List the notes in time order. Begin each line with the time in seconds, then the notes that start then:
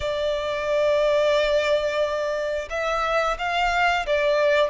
0.00 D5
2.70 E5
3.38 F5
4.06 D5